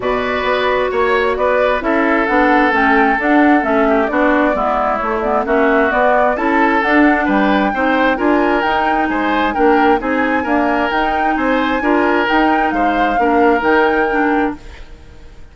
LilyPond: <<
  \new Staff \with { instrumentName = "flute" } { \time 4/4 \tempo 4 = 132 d''2 cis''4 d''4 | e''4 fis''4 g''4 fis''4 | e''4 d''2 cis''8 d''8 | e''4 d''4 a''4 fis''4 |
g''2 gis''4 g''4 | gis''4 g''4 gis''2 | g''4 gis''2 g''4 | f''2 g''2 | }
  \new Staff \with { instrumentName = "oboe" } { \time 4/4 b'2 cis''4 b'4 | a'1~ | a'8 g'8 fis'4 e'2 | fis'2 a'2 |
b'4 c''4 ais'2 | c''4 ais'4 gis'4 ais'4~ | ais'4 c''4 ais'2 | c''4 ais'2. | }
  \new Staff \with { instrumentName = "clarinet" } { \time 4/4 fis'1 | e'4 d'4 cis'4 d'4 | cis'4 d'4 b4 a8 b8 | cis'4 b4 e'4 d'4~ |
d'4 dis'4 f'4 dis'4~ | dis'4 d'4 dis'4 ais4 | dis'2 f'4 dis'4~ | dis'4 d'4 dis'4 d'4 | }
  \new Staff \with { instrumentName = "bassoon" } { \time 4/4 b,4 b4 ais4 b4 | cis'4 b4 a4 d'4 | a4 b4 gis4 a4 | ais4 b4 cis'4 d'4 |
g4 c'4 d'4 dis'4 | gis4 ais4 c'4 d'4 | dis'4 c'4 d'4 dis'4 | gis4 ais4 dis2 | }
>>